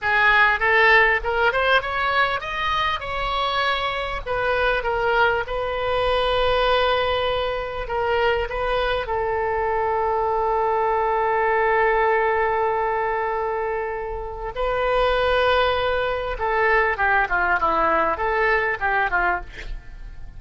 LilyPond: \new Staff \with { instrumentName = "oboe" } { \time 4/4 \tempo 4 = 99 gis'4 a'4 ais'8 c''8 cis''4 | dis''4 cis''2 b'4 | ais'4 b'2.~ | b'4 ais'4 b'4 a'4~ |
a'1~ | a'1 | b'2. a'4 | g'8 f'8 e'4 a'4 g'8 f'8 | }